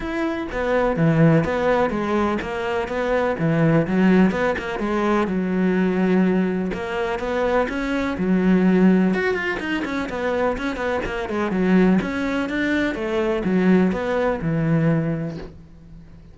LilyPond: \new Staff \with { instrumentName = "cello" } { \time 4/4 \tempo 4 = 125 e'4 b4 e4 b4 | gis4 ais4 b4 e4 | fis4 b8 ais8 gis4 fis4~ | fis2 ais4 b4 |
cis'4 fis2 fis'8 f'8 | dis'8 cis'8 b4 cis'8 b8 ais8 gis8 | fis4 cis'4 d'4 a4 | fis4 b4 e2 | }